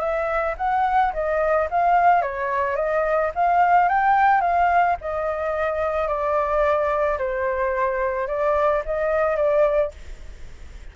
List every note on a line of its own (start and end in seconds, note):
0.00 0.55 E5
0.58 1.13 F#5
1.14 1.69 D#5
1.71 2.22 F5
2.22 2.76 C#5
2.76 3.31 D#5
3.36 3.89 F5
3.89 4.42 G5
4.42 4.97 F5
5.02 6.08 D#5
6.08 7.18 D5
7.19 8.28 C5
8.28 8.83 D5
8.86 9.37 D#5
9.37 9.92 D5